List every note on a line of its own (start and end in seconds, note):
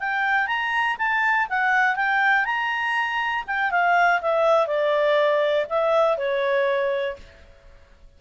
0.00 0.47 G5
0.47 0.97 A#5
0.98 1.48 A5
1.49 1.96 F#5
1.96 2.45 G5
2.45 3.44 A#5
3.47 3.71 G5
3.71 4.21 F5
4.21 4.67 E5
4.67 5.66 D5
5.69 6.18 E5
6.18 7.17 C#5